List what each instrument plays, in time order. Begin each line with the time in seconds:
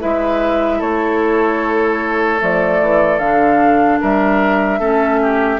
0.00 bassoon G#3, clarinet E4, oboe B4, flute E5
0.78 bassoon A3, oboe A4, flute C#5
2.39 bassoon F3, clarinet A3, flute D5
2.82 bassoon E3
3.19 bassoon D3, clarinet D4, flute F5
4.01 bassoon G3, oboe A#4, flute E5
4.79 bassoon A3, clarinet C#4, oboe A4
5.23 oboe G4